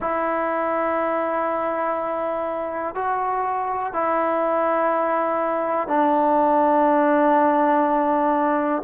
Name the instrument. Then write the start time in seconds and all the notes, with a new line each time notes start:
trombone
0.00 E4
2.94 F#4
3.93 E4
5.87 D4